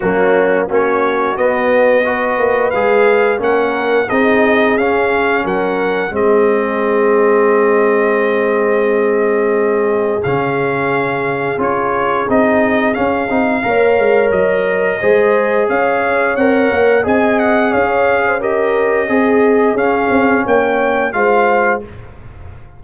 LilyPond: <<
  \new Staff \with { instrumentName = "trumpet" } { \time 4/4 \tempo 4 = 88 fis'4 cis''4 dis''2 | f''4 fis''4 dis''4 f''4 | fis''4 dis''2.~ | dis''2. f''4~ |
f''4 cis''4 dis''4 f''4~ | f''4 dis''2 f''4 | fis''4 gis''8 fis''8 f''4 dis''4~ | dis''4 f''4 g''4 f''4 | }
  \new Staff \with { instrumentName = "horn" } { \time 4/4 cis'4 fis'2 b'4~ | b'4 ais'4 gis'2 | ais'4 gis'2.~ | gis'1~ |
gis'1 | cis''2 c''4 cis''4~ | cis''4 dis''4 cis''8. c''16 ais'4 | gis'2 cis''4 c''4 | }
  \new Staff \with { instrumentName = "trombone" } { \time 4/4 ais4 cis'4 b4 fis'4 | gis'4 cis'4 dis'4 cis'4~ | cis'4 c'2.~ | c'2. cis'4~ |
cis'4 f'4 dis'4 cis'8 dis'8 | ais'2 gis'2 | ais'4 gis'2 g'4 | gis'4 cis'2 f'4 | }
  \new Staff \with { instrumentName = "tuba" } { \time 4/4 fis4 ais4 b4. ais8 | gis4 ais4 c'4 cis'4 | fis4 gis2.~ | gis2. cis4~ |
cis4 cis'4 c'4 cis'8 c'8 | ais8 gis8 fis4 gis4 cis'4 | c'8 ais8 c'4 cis'2 | c'4 cis'8 c'8 ais4 gis4 | }
>>